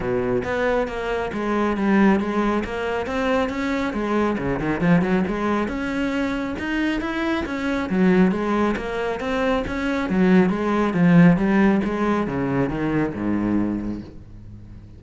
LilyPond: \new Staff \with { instrumentName = "cello" } { \time 4/4 \tempo 4 = 137 b,4 b4 ais4 gis4 | g4 gis4 ais4 c'4 | cis'4 gis4 cis8 dis8 f8 fis8 | gis4 cis'2 dis'4 |
e'4 cis'4 fis4 gis4 | ais4 c'4 cis'4 fis4 | gis4 f4 g4 gis4 | cis4 dis4 gis,2 | }